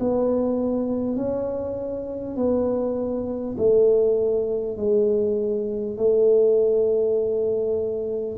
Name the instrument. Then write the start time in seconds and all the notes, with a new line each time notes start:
tuba
0.00 B3
1.16 C#4
2.36 B3
3.58 A3
4.77 G#3
5.97 A3